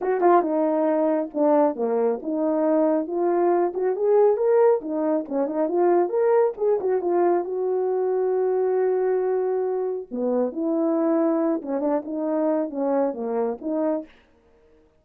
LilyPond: \new Staff \with { instrumentName = "horn" } { \time 4/4 \tempo 4 = 137 fis'8 f'8 dis'2 d'4 | ais4 dis'2 f'4~ | f'8 fis'8 gis'4 ais'4 dis'4 | cis'8 dis'8 f'4 ais'4 gis'8 fis'8 |
f'4 fis'2.~ | fis'2. b4 | e'2~ e'8 cis'8 d'8 dis'8~ | dis'4 cis'4 ais4 dis'4 | }